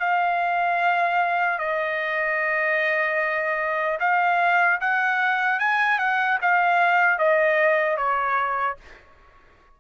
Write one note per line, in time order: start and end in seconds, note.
0.00 1.59 F5
1.59 3.99 D#5
4.00 4.80 F5
4.81 5.60 F#5
5.60 5.99 G#5
5.99 6.39 F#5
6.41 7.19 F5
7.19 7.97 D#5
7.97 8.77 C#5